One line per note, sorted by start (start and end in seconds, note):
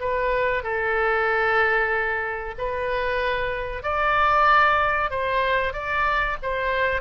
0.00 0.63 B4
0.63 2.55 A4
2.58 3.83 B4
3.83 5.10 D5
5.11 5.73 C5
5.73 6.37 D5
6.42 7.01 C5